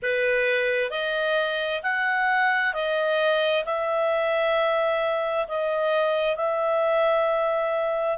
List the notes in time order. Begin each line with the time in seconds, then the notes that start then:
0.02 B4
0.90 D#5
1.83 F#5
2.73 D#5
3.65 E5
5.48 D#5
6.36 E5